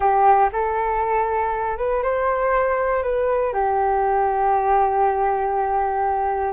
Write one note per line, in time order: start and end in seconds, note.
0.00 0.49 G4
0.52 1.77 A4
1.77 2.02 B4
2.03 3.03 C5
3.03 3.53 B4
3.53 6.53 G4